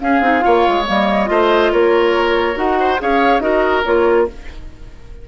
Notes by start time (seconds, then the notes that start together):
0.00 C#4 G#4 F5
0.21 C4 D#4
0.40 A#3 F4 C#5
0.68 G#3
0.87 G3 A#3 D#5
1.26 A3 F4 C5
1.72 A#3 A#4 C#5
2.55 D#4 F#4 F#5
2.80 C5
2.99 C#4 G#4 C#5 F5
3.40 D#4 F#4 A#4 D#5
3.84 A#3 F4 C#5